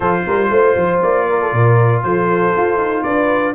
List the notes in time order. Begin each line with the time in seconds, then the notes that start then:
0.00 F3 F4 A4 C5
0.26 G3 A#4
0.50 A3 C5
0.76 F3
1.02 A#3 D5
1.29 A#4
1.41 A4
1.52 A#2 A#4
2.02 F3 A4 C5
2.56 F4
2.77 D#4
3.03 D4 B4 D5